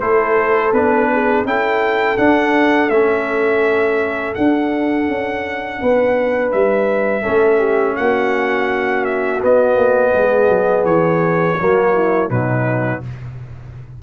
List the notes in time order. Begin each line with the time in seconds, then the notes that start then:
0.00 A3 E4 A4 C5
0.73 B3 D4 B4
1.12 G#4
1.44 C#4 E4 A4 G5
2.17 D4 F#5
2.89 A3 C#4 E5
4.34 D4 F#5
5.08 C#4
5.80 B3 B4
6.52 G3 E5
7.22 A3 C#4 A4
7.58 G4
7.96 A#3 F#4 F#5
9.05 E5
9.41 B3 D#5
9.76 A#3
10.12 G#3 G#4
10.48 F#3
10.84 E3 C#5
11.59 F#3 A#3 F#4
11.94 E4
12.29 B2 F#3 D#4 B4